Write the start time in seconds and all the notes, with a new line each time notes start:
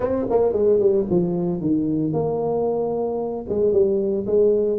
0.00 C4
0.30 A#3
0.52 G#3
0.79 G3
1.10 F3
1.60 D#3
2.12 A#3
3.48 G#3
3.72 G3
4.26 G#3